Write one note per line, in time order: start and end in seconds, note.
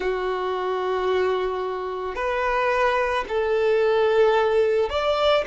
0.00 2.15 F#4
2.15 3.24 B4
3.28 4.89 A4
4.89 5.44 D5